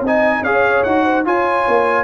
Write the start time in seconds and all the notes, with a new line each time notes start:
0.00 C4 D#4
0.06 D#5 G#5
0.41 C#4 G#4 C#5 F5
0.83 D#4 F#4 F#5
1.04 C5
1.25 F4 C#5 G#5
1.67 A#3